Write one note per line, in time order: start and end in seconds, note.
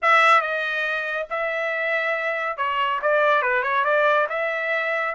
0.01 0.41 E5
0.41 1.26 D#5
1.30 2.57 E5
2.57 3.00 C#5
3.02 3.41 D5
3.41 3.62 B4
3.62 3.84 C#5
3.84 4.27 D5
4.29 5.14 E5